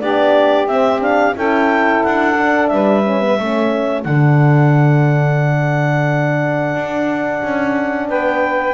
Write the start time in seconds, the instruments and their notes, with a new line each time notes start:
0.00 double bass B3, horn D4, saxophone G4, clarinet D5
0.67 double bass C4, horn C4, clarinet E5
1.00 horn D4, clarinet F5
1.35 double bass C#4, horn E4, saxophone A4, clarinet G5
2.04 double bass D4, clarinet F#5
2.37 horn D4
2.68 double bass G3, saxophone B4, clarinet E5
3.04 horn C#4
3.21 horn B3
3.38 double bass A3, horn C#4, saxophone A4
4.03 double bass D3, horn D4, clarinet F#5
6.75 double bass D4
7.43 double bass C#4
8.09 double bass B3, saxophone B4, clarinet G5